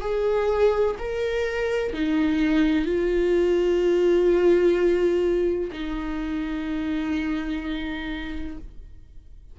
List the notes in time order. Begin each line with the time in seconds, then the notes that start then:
0.00 G#4
0.98 A#4
1.93 D#4
2.84 F4
5.71 D#4